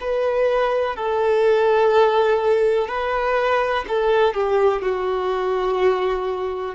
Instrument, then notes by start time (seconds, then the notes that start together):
violin
0.00 B4
0.95 A4
2.88 B4
3.88 A4
4.34 G4
4.82 F#4